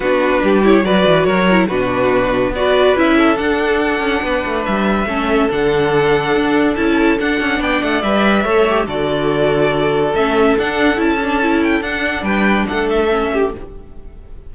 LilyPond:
<<
  \new Staff \with { instrumentName = "violin" } { \time 4/4 \tempo 4 = 142 b'4. cis''8 d''4 cis''4 | b'2 d''4 e''4 | fis''2. e''4~ | e''4 fis''2. |
a''4 fis''4 g''8 fis''8 e''4~ | e''4 d''2. | e''4 fis''4 a''4. g''8 | fis''4 g''4 fis''8 e''4. | }
  \new Staff \with { instrumentName = "violin" } { \time 4/4 fis'4 g'4 b'4 ais'4 | fis'2 b'4. a'8~ | a'2 b'2 | a'1~ |
a'2 d''2 | cis''4 a'2.~ | a'1~ | a'4 b'4 a'4. g'8 | }
  \new Staff \with { instrumentName = "viola" } { \time 4/4 d'4. e'8 fis'4. e'8 | d'2 fis'4 e'4 | d'1 | cis'4 d'2. |
e'4 d'2 b'4 | a'8 g'8 fis'2. | cis'4 d'4 e'8 d'8 e'4 | d'2. cis'4 | }
  \new Staff \with { instrumentName = "cello" } { \time 4/4 b4 g4 fis8 e8 fis4 | b,2 b4 cis'4 | d'4. cis'8 b8 a8 g4 | a4 d2 d'4 |
cis'4 d'8 cis'8 b8 a8 g4 | a4 d2. | a4 d'4 cis'2 | d'4 g4 a2 | }
>>